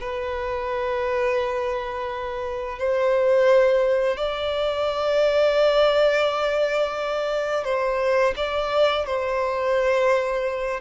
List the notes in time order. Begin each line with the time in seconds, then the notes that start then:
0.00 B4
2.79 C5
4.17 D5
7.64 C5
8.36 D5
9.06 C5